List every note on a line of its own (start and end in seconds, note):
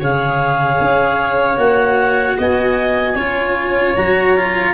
0.00 0.79 C#3
0.00 1.57 G#4
0.00 2.37 C#5
0.00 1.58 F5
0.81 1.58 C#4
1.57 2.37 A#3
1.57 3.15 F#4
1.57 2.37 F#5
2.39 3.16 B3
2.39 3.16 D#5
2.39 3.97 G#5
3.16 3.95 C#4
3.16 3.98 F4
3.16 4.74 C#5
3.97 4.75 F#3
3.97 4.37 F#4
3.97 4.75 A#5
4.37 4.75 F4